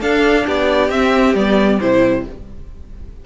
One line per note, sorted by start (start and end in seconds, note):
0.00 0.90 D4
0.00 0.46 D4
0.00 0.45 A4
0.00 0.46 F5
0.45 0.89 B3
0.45 2.24 G4
0.45 0.90 D5
0.89 1.34 C4
0.89 1.35 C4
0.89 1.35 E5
1.34 1.79 G3
1.34 1.80 B3
1.34 1.80 D5
1.80 2.26 C3
1.80 2.25 E4
1.80 2.25 C5